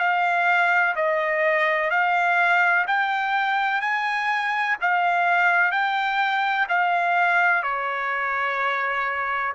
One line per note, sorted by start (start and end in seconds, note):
0.00 0.95 F5
0.96 1.90 D#5
1.90 2.86 F5
2.87 3.82 G5
3.82 4.77 G#5
4.81 5.72 F5
5.72 6.67 G5
6.69 7.63 F5
7.63 9.54 C#5